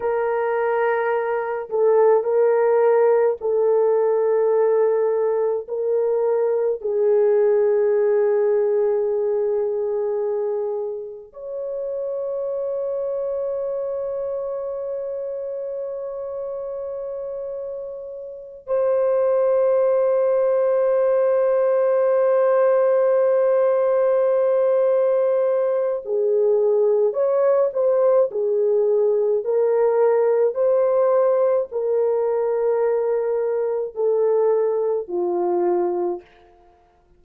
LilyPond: \new Staff \with { instrumentName = "horn" } { \time 4/4 \tempo 4 = 53 ais'4. a'8 ais'4 a'4~ | a'4 ais'4 gis'2~ | gis'2 cis''2~ | cis''1~ |
cis''8 c''2.~ c''8~ | c''2. gis'4 | cis''8 c''8 gis'4 ais'4 c''4 | ais'2 a'4 f'4 | }